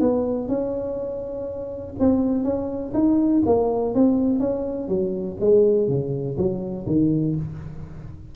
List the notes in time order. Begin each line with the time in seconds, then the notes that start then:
0.00 B3
0.48 C#4
1.99 C4
2.44 C#4
2.94 D#4
3.45 A#3
3.94 C4
4.39 C#4
4.88 F#3
5.40 G#3
5.88 C#3
6.37 F#3
6.86 D#3